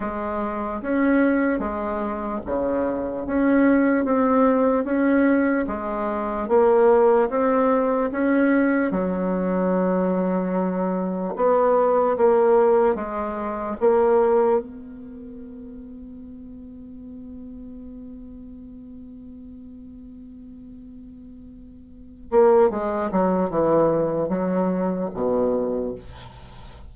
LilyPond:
\new Staff \with { instrumentName = "bassoon" } { \time 4/4 \tempo 4 = 74 gis4 cis'4 gis4 cis4 | cis'4 c'4 cis'4 gis4 | ais4 c'4 cis'4 fis4~ | fis2 b4 ais4 |
gis4 ais4 b2~ | b1~ | b2.~ b8 ais8 | gis8 fis8 e4 fis4 b,4 | }